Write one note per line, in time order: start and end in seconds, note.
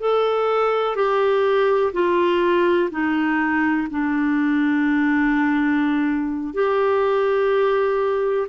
0.00 0.95 A4
0.95 1.92 G4
1.93 2.90 F4
2.91 3.88 D#4
3.91 6.54 D4
6.54 8.47 G4